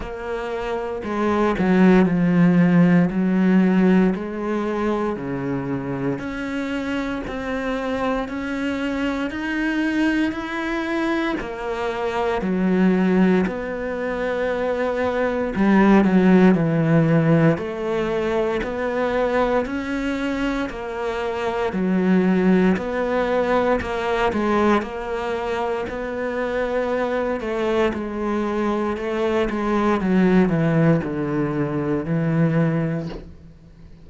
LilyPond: \new Staff \with { instrumentName = "cello" } { \time 4/4 \tempo 4 = 58 ais4 gis8 fis8 f4 fis4 | gis4 cis4 cis'4 c'4 | cis'4 dis'4 e'4 ais4 | fis4 b2 g8 fis8 |
e4 a4 b4 cis'4 | ais4 fis4 b4 ais8 gis8 | ais4 b4. a8 gis4 | a8 gis8 fis8 e8 d4 e4 | }